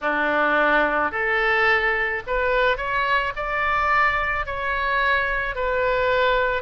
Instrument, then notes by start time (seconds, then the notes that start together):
oboe
0.01 D4
1.11 A4
2.26 B4
2.77 C#5
3.36 D5
4.45 C#5
5.55 B4